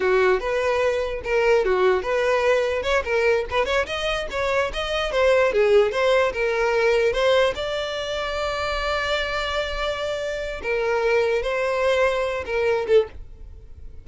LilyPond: \new Staff \with { instrumentName = "violin" } { \time 4/4 \tempo 4 = 147 fis'4 b'2 ais'4 | fis'4 b'2 cis''8 ais'8~ | ais'8 b'8 cis''8 dis''4 cis''4 dis''8~ | dis''8 c''4 gis'4 c''4 ais'8~ |
ais'4. c''4 d''4.~ | d''1~ | d''2 ais'2 | c''2~ c''8 ais'4 a'8 | }